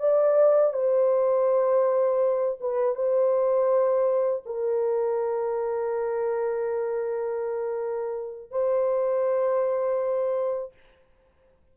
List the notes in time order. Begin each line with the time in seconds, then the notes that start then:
0.00 D5
0.74 C5
2.61 B4
2.95 C5
4.46 A#4
8.51 C5